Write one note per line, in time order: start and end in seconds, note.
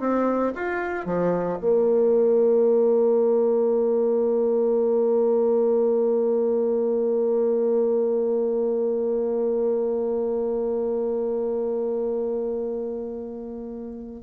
0.00 0.53 C4
0.56 1.06 F4
1.06 1.58 F3
1.61 14.23 A#3